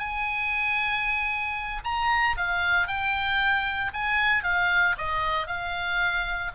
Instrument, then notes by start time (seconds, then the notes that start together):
oboe
0.00 G#5
1.85 A#5
2.38 F5
2.88 G5
3.94 G#5
4.44 F5
4.98 D#5
5.48 F5